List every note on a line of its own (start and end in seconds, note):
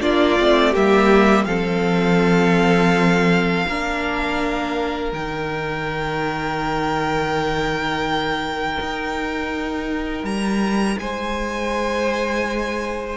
0.00 0.39 A#3
0.00 0.37 D4
0.00 0.71 F4
0.00 0.74 D5
0.39 0.75 A3
0.39 0.74 C4
0.71 1.45 G3
0.71 1.47 A#3
0.71 1.44 G4
0.71 1.44 E5
1.44 3.65 F3
1.44 3.68 C4
1.44 3.66 A4
1.44 5.10 F5
3.67 5.12 A#3
3.67 5.12 D4
3.67 10.99 A#4
5.12 8.78 D#3
5.12 13.16 D#4
5.12 10.25 G5
8.80 10.23 D#4
10.23 10.96 G3
10.23 10.98 A#5
10.98 13.17 G#3
10.98 13.17 C5
10.98 13.17 G#5